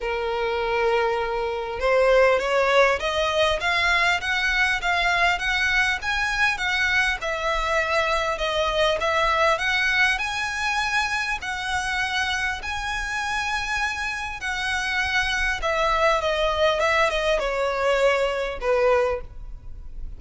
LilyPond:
\new Staff \with { instrumentName = "violin" } { \time 4/4 \tempo 4 = 100 ais'2. c''4 | cis''4 dis''4 f''4 fis''4 | f''4 fis''4 gis''4 fis''4 | e''2 dis''4 e''4 |
fis''4 gis''2 fis''4~ | fis''4 gis''2. | fis''2 e''4 dis''4 | e''8 dis''8 cis''2 b'4 | }